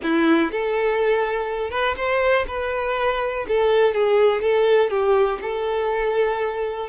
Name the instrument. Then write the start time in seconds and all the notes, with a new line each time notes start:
violin
0.02 E4
0.51 A4
1.70 B4
1.96 C5
2.47 B4
3.48 A4
3.94 G#4
4.41 A4
4.90 G4
5.41 A4